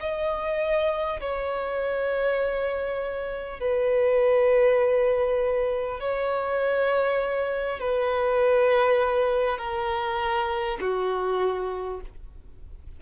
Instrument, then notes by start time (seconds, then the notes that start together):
violin
0.00 D#5
1.20 C#5
3.59 B4
5.99 C#5
7.79 B4
9.58 A#4
10.81 F#4